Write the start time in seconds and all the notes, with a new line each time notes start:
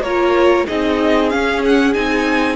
0.00 A#3 F4 A#4 C#5
0.67 C4 D#4 G#4 D#5
1.29 C#4 F5
1.65 F#5
1.93 C4 D#4 G#5